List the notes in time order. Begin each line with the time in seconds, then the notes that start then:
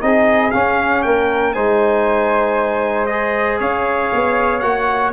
0.00 C4 D#4 G#4 D#5
0.51 C#4 F5
1.02 A#3 A#4 G5
1.53 G#3 D#4 C5 G#5
3.06 G#4 D#5
3.59 C#4 C#5 F5
4.12 B3
4.59 A#3 F#4 F#5